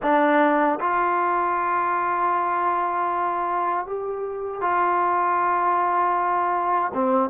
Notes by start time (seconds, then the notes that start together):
0.02 D4
0.79 F4
3.86 G4
4.61 F4
6.94 C4